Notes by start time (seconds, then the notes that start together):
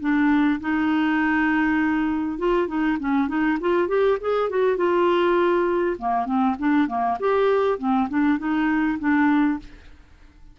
0.00 D4
0.60 D#4
2.38 F4
2.67 D#4
3.00 C#4
3.28 D#4
3.61 F4
3.88 G4
4.21 G#4
4.50 F#4
4.77 F4
5.98 A#3
6.25 C4
6.59 D4
6.88 A#3
7.20 G4
7.78 C4
8.09 D4
8.38 D#4
8.99 D4